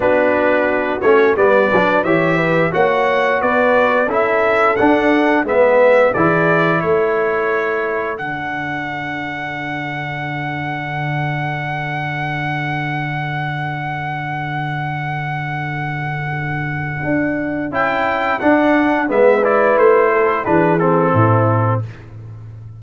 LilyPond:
<<
  \new Staff \with { instrumentName = "trumpet" } { \time 4/4 \tempo 4 = 88 b'4. cis''8 d''4 e''4 | fis''4 d''4 e''4 fis''4 | e''4 d''4 cis''2 | fis''1~ |
fis''1~ | fis''1~ | fis''2 g''4 fis''4 | e''8 d''8 c''4 b'8 a'4. | }
  \new Staff \with { instrumentName = "horn" } { \time 4/4 fis'2 b'4 cis''8 b'8 | cis''4 b'4 a'2 | b'4 gis'4 a'2~ | a'1~ |
a'1~ | a'1~ | a'1 | b'4. a'8 gis'4 e'4 | }
  \new Staff \with { instrumentName = "trombone" } { \time 4/4 d'4. cis'8 b8 d'8 g'4 | fis'2 e'4 d'4 | b4 e'2. | d'1~ |
d'1~ | d'1~ | d'2 e'4 d'4 | b8 e'4. d'8 c'4. | }
  \new Staff \with { instrumentName = "tuba" } { \time 4/4 b4. a8 g8 fis8 e4 | ais4 b4 cis'4 d'4 | gis4 e4 a2 | d1~ |
d1~ | d1~ | d4 d'4 cis'4 d'4 | gis4 a4 e4 a,4 | }
>>